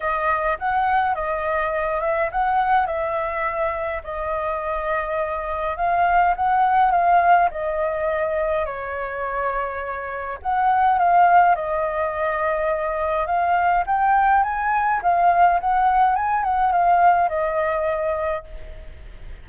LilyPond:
\new Staff \with { instrumentName = "flute" } { \time 4/4 \tempo 4 = 104 dis''4 fis''4 dis''4. e''8 | fis''4 e''2 dis''4~ | dis''2 f''4 fis''4 | f''4 dis''2 cis''4~ |
cis''2 fis''4 f''4 | dis''2. f''4 | g''4 gis''4 f''4 fis''4 | gis''8 fis''8 f''4 dis''2 | }